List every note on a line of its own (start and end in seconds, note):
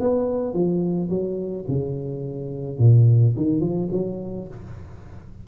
0.00 0.54 B3
0.54 1.09 F3
1.09 1.65 F#3
1.68 2.79 C#3
2.79 3.35 A#2
3.36 3.60 D#3
3.60 3.88 F3
3.92 4.48 F#3